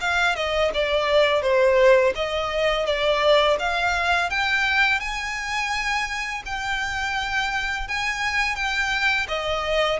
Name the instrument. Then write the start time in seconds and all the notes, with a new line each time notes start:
violin
0.00 F5
0.35 D#5
0.74 D5
1.42 C5
2.15 D#5
2.86 D5
3.59 F5
4.30 G5
5.00 G#5
6.45 G5
7.88 G#5
8.55 G5
9.28 D#5